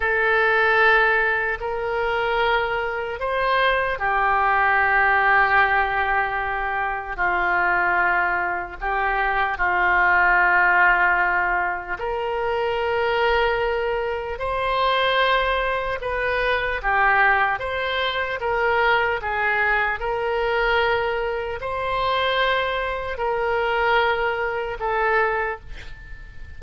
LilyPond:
\new Staff \with { instrumentName = "oboe" } { \time 4/4 \tempo 4 = 75 a'2 ais'2 | c''4 g'2.~ | g'4 f'2 g'4 | f'2. ais'4~ |
ais'2 c''2 | b'4 g'4 c''4 ais'4 | gis'4 ais'2 c''4~ | c''4 ais'2 a'4 | }